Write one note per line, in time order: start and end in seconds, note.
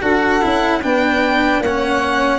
0.00 0.42 D4
0.00 0.42 F#4
0.00 0.80 A4
0.00 0.83 F#5
0.42 0.84 C#4
0.42 0.82 E4
0.83 1.60 B3
0.83 1.62 D4
0.83 1.63 B4
0.83 1.63 G5
1.60 2.40 A#3
1.60 2.40 C#5
1.60 2.40 F#5
1.67 2.40 C#4